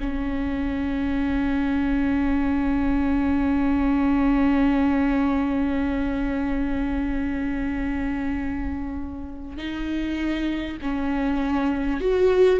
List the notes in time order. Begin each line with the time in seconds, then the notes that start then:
0.00 C#4
9.57 D#4
10.81 C#4
12.01 F#4